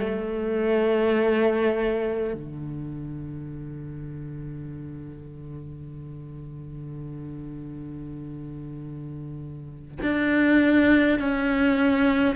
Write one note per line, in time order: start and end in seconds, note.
0.00 2.34 A3
2.34 9.99 D3
10.03 11.19 D4
11.19 12.36 C#4